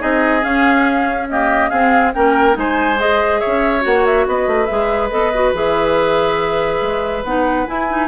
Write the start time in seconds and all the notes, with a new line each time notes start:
0.00 C4 D#4 G#4 D#5
0.42 C#4 F5
1.29 A#3 G4 D#5
1.70 C4 G#4 F5
2.14 A#3 C#4 A#4 G5
2.53 G#3 D#4 G#5
2.59 C5
3.00 G#4 D#5
3.40 C#5 E5
3.47 C#4
3.81 A#3 F#4 F#5
4.06 E5
4.27 B3 B4 D#5
4.48 A3
4.66 G#3 G#4 E5
5.10 B3 A4 D#5
5.35 F#4
5.54 E3 G#4 E5
6.82 G#3
7.24 B3 D#4 F#5
7.67 E4 G#5
7.89 D#4